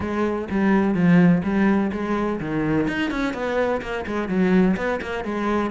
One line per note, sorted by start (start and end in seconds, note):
0.00 0.48 G#3
0.50 0.94 G3
0.94 1.42 F3
1.43 1.91 G3
1.92 2.40 G#3
2.40 2.87 D#3
2.87 3.10 D#4
3.10 3.33 C#4
3.33 3.81 B3
3.81 4.05 A#3
4.06 4.28 G#3
4.28 4.76 F#3
4.76 5.00 B3
5.01 5.24 A#3
5.24 5.70 G#3